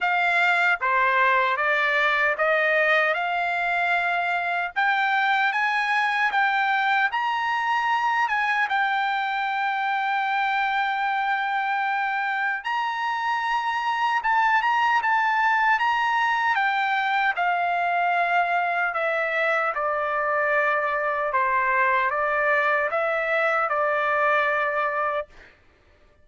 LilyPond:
\new Staff \with { instrumentName = "trumpet" } { \time 4/4 \tempo 4 = 76 f''4 c''4 d''4 dis''4 | f''2 g''4 gis''4 | g''4 ais''4. gis''8 g''4~ | g''1 |
ais''2 a''8 ais''8 a''4 | ais''4 g''4 f''2 | e''4 d''2 c''4 | d''4 e''4 d''2 | }